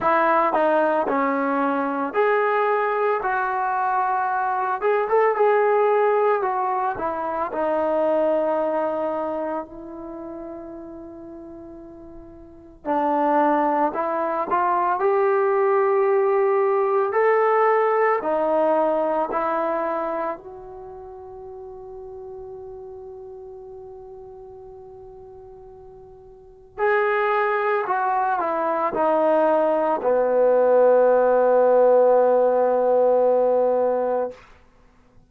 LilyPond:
\new Staff \with { instrumentName = "trombone" } { \time 4/4 \tempo 4 = 56 e'8 dis'8 cis'4 gis'4 fis'4~ | fis'8 gis'16 a'16 gis'4 fis'8 e'8 dis'4~ | dis'4 e'2. | d'4 e'8 f'8 g'2 |
a'4 dis'4 e'4 fis'4~ | fis'1~ | fis'4 gis'4 fis'8 e'8 dis'4 | b1 | }